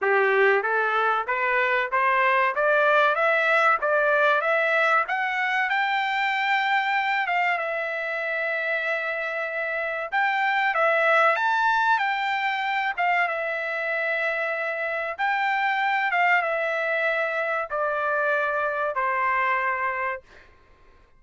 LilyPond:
\new Staff \with { instrumentName = "trumpet" } { \time 4/4 \tempo 4 = 95 g'4 a'4 b'4 c''4 | d''4 e''4 d''4 e''4 | fis''4 g''2~ g''8 f''8 | e''1 |
g''4 e''4 a''4 g''4~ | g''8 f''8 e''2. | g''4. f''8 e''2 | d''2 c''2 | }